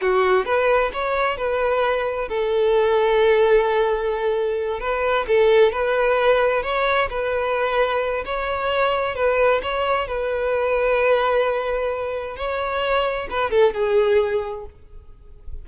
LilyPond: \new Staff \with { instrumentName = "violin" } { \time 4/4 \tempo 4 = 131 fis'4 b'4 cis''4 b'4~ | b'4 a'2.~ | a'2~ a'8 b'4 a'8~ | a'8 b'2 cis''4 b'8~ |
b'2 cis''2 | b'4 cis''4 b'2~ | b'2. cis''4~ | cis''4 b'8 a'8 gis'2 | }